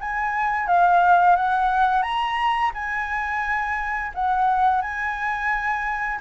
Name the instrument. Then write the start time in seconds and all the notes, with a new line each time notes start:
flute
0.00 G#5
0.67 F5
1.35 F#5
2.02 A#5
2.74 G#5
4.14 F#5
4.81 G#5